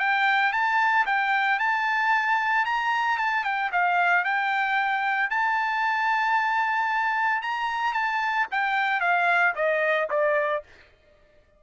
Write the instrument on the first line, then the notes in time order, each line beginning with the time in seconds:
trumpet
0.00 G5
0.53 A5
1.06 G5
1.59 A5
2.65 A#5
3.18 A5
3.44 G5
3.72 F5
4.25 G5
5.30 A5
7.42 A#5
7.93 A5
8.51 G5
9.01 F5
9.56 D#5
10.10 D5